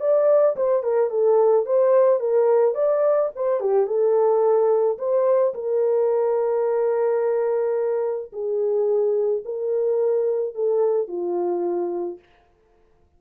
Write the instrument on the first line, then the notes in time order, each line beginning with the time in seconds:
horn
0.00 D5
0.56 C5
0.83 A#4
1.10 A4
1.66 C5
2.20 A#4
2.74 D5
3.35 C5
3.60 G4
3.86 A4
4.98 C5
5.54 A#4
8.32 G#4
9.45 A#4
10.54 A4
11.08 F4